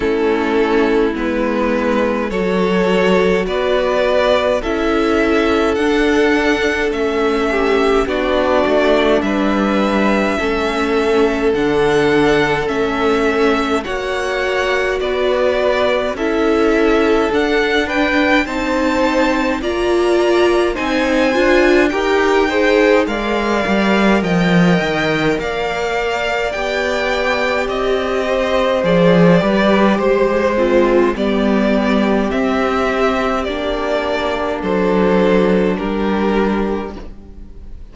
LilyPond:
<<
  \new Staff \with { instrumentName = "violin" } { \time 4/4 \tempo 4 = 52 a'4 b'4 cis''4 d''4 | e''4 fis''4 e''4 d''4 | e''2 fis''4 e''4 | fis''4 d''4 e''4 fis''8 g''8 |
a''4 ais''4 gis''4 g''4 | f''4 g''4 f''4 g''4 | dis''4 d''4 c''4 d''4 | e''4 d''4 c''4 ais'4 | }
  \new Staff \with { instrumentName = "violin" } { \time 4/4 e'2 a'4 b'4 | a'2~ a'8 g'8 fis'4 | b'4 a'2. | cis''4 b'4 a'4. b'8 |
c''4 d''4 c''4 ais'8 c''8 | d''4 dis''4 d''2~ | d''8 c''4 b'8 c''8 c'8 g'4~ | g'2 a'4 g'4 | }
  \new Staff \with { instrumentName = "viola" } { \time 4/4 cis'4 b4 fis'2 | e'4 d'4 cis'4 d'4~ | d'4 cis'4 d'4 cis'4 | fis'2 e'4 d'4 |
dis'4 f'4 dis'8 f'8 g'8 gis'8 | ais'2. g'4~ | g'4 gis'8 g'4 f'8 b4 | c'4 d'2. | }
  \new Staff \with { instrumentName = "cello" } { \time 4/4 a4 gis4 fis4 b4 | cis'4 d'4 a4 b8 a8 | g4 a4 d4 a4 | ais4 b4 cis'4 d'4 |
c'4 ais4 c'8 d'8 dis'4 | gis8 g8 f8 dis8 ais4 b4 | c'4 f8 g8 gis4 g4 | c'4 ais4 fis4 g4 | }
>>